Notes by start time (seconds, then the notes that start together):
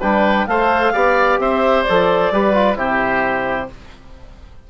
0.00 G3 D4 B4 G5
0.47 A3 A4 C5 F5
0.93 B3 G4 D5
1.39 C4 C5 E5
1.83 D5
1.89 F3 A4
2.31 G3 G4 B4
2.53 F4
2.76 C3 E4 G4 C5